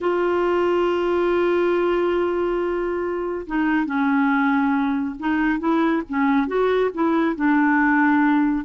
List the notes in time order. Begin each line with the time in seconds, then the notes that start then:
0.01 F4
3.46 D#4
3.85 C#4
5.19 D#4
5.59 E4
6.08 C#4
6.47 F#4
6.94 E4
7.35 D4